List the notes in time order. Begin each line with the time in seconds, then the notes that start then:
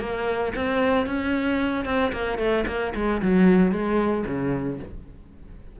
0.00 A#3
0.56 C4
1.06 C#4
1.85 C4
2.12 A#3
2.38 A3
2.67 A#3
2.95 G#3
3.22 F#3
3.72 G#3
4.26 C#3